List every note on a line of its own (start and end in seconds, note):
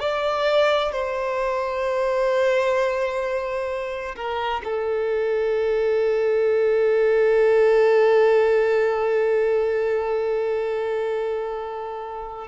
0.00 0.92 D5
0.92 4.15 C5
4.16 4.62 A#4
4.64 12.48 A4